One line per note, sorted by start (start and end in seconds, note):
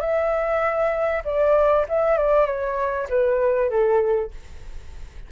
0.00 1.22 E5
1.24 1.86 D5
1.88 2.17 E5
2.17 2.46 D5
2.46 3.07 C#5
3.09 3.70 B4
3.70 4.31 A4